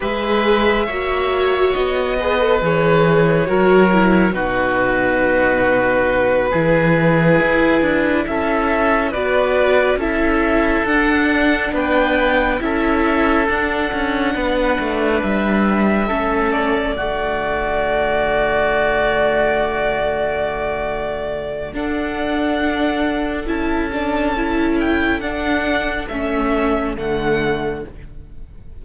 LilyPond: <<
  \new Staff \with { instrumentName = "violin" } { \time 4/4 \tempo 4 = 69 e''2 dis''4 cis''4~ | cis''4 b'2.~ | b'4. e''4 d''4 e''8~ | e''8 fis''4 g''4 e''4 fis''8~ |
fis''4. e''4. d''4~ | d''1~ | d''4 fis''2 a''4~ | a''8 g''8 fis''4 e''4 fis''4 | }
  \new Staff \with { instrumentName = "oboe" } { \time 4/4 b'4 cis''4. b'4. | ais'4 fis'2~ fis'8 gis'8~ | gis'4. a'4 b'4 a'8~ | a'4. b'4 a'4.~ |
a'8 b'2 a'4 fis'8~ | fis'1~ | fis'4 a'2.~ | a'1 | }
  \new Staff \with { instrumentName = "viola" } { \time 4/4 gis'4 fis'4. gis'16 a'16 gis'4 | fis'8 e'8 dis'2~ dis'8 e'8~ | e'2~ e'8 fis'4 e'8~ | e'8 d'2 e'4 d'8~ |
d'2~ d'8 cis'4 a8~ | a1~ | a4 d'2 e'8 d'8 | e'4 d'4 cis'4 a4 | }
  \new Staff \with { instrumentName = "cello" } { \time 4/4 gis4 ais4 b4 e4 | fis4 b,2~ b,8 e8~ | e8 e'8 d'8 cis'4 b4 cis'8~ | cis'8 d'4 b4 cis'4 d'8 |
cis'8 b8 a8 g4 a4 d8~ | d1~ | d4 d'2 cis'4~ | cis'4 d'4 a4 d4 | }
>>